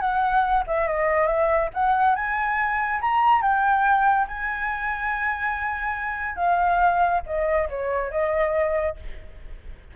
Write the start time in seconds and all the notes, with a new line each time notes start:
0.00 F#5
0.67 E5
0.87 D#5
1.27 E5
1.74 F#5
2.15 G#5
3.01 A#5
3.42 G5
4.27 G#5
6.36 F5
7.26 D#5
7.69 C#5
8.11 D#5